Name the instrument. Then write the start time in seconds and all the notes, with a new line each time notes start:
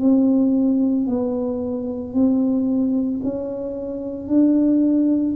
tuba
0.00 C4
1.07 B3
2.13 C4
3.23 C#4
4.28 D4